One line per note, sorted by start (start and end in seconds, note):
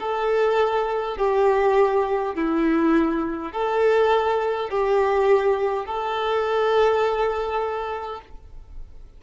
0.00 1.18 A4
1.18 2.35 G4
2.35 3.52 E4
3.52 4.70 A4
4.70 5.86 G4
5.86 8.21 A4